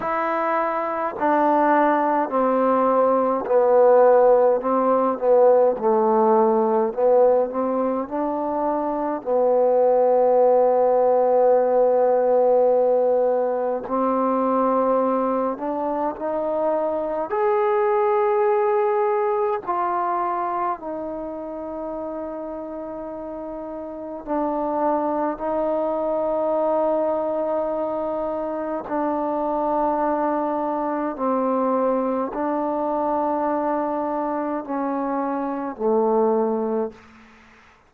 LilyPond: \new Staff \with { instrumentName = "trombone" } { \time 4/4 \tempo 4 = 52 e'4 d'4 c'4 b4 | c'8 b8 a4 b8 c'8 d'4 | b1 | c'4. d'8 dis'4 gis'4~ |
gis'4 f'4 dis'2~ | dis'4 d'4 dis'2~ | dis'4 d'2 c'4 | d'2 cis'4 a4 | }